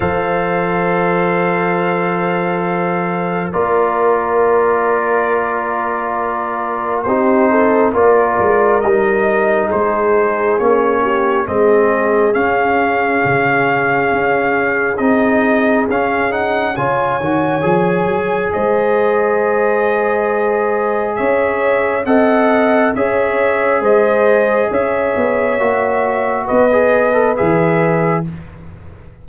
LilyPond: <<
  \new Staff \with { instrumentName = "trumpet" } { \time 4/4 \tempo 4 = 68 f''1 | d''1 | c''4 d''4 dis''4 c''4 | cis''4 dis''4 f''2~ |
f''4 dis''4 f''8 fis''8 gis''4~ | gis''4 dis''2. | e''4 fis''4 e''4 dis''4 | e''2 dis''4 e''4 | }
  \new Staff \with { instrumentName = "horn" } { \time 4/4 c''1 | ais'1 | g'8 a'8 ais'2 gis'4~ | gis'8 g'8 gis'2.~ |
gis'2. cis''4~ | cis''4 c''2. | cis''4 dis''4 cis''4 c''4 | cis''2 b'2 | }
  \new Staff \with { instrumentName = "trombone" } { \time 4/4 a'1 | f'1 | dis'4 f'4 dis'2 | cis'4 c'4 cis'2~ |
cis'4 dis'4 cis'8 dis'8 f'8 fis'8 | gis'1~ | gis'4 a'4 gis'2~ | gis'4 fis'4~ fis'16 gis'8 a'16 gis'4 | }
  \new Staff \with { instrumentName = "tuba" } { \time 4/4 f1 | ais1 | c'4 ais8 gis8 g4 gis4 | ais4 gis4 cis'4 cis4 |
cis'4 c'4 cis'4 cis8 dis8 | f8 fis8 gis2. | cis'4 c'4 cis'4 gis4 | cis'8 b8 ais4 b4 e4 | }
>>